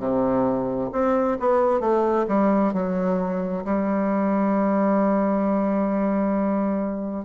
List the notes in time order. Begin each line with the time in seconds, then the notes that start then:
0.00 C3
0.93 C4
1.40 B3
1.81 A3
2.29 G3
2.74 F#3
3.65 G3